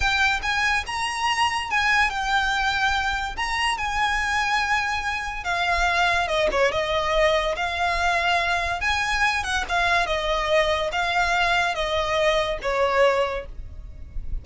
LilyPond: \new Staff \with { instrumentName = "violin" } { \time 4/4 \tempo 4 = 143 g''4 gis''4 ais''2 | gis''4 g''2. | ais''4 gis''2.~ | gis''4 f''2 dis''8 cis''8 |
dis''2 f''2~ | f''4 gis''4. fis''8 f''4 | dis''2 f''2 | dis''2 cis''2 | }